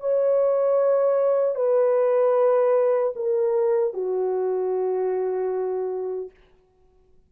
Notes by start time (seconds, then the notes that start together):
0.00 C#5
1.55 B4
3.16 A#4
3.94 F#4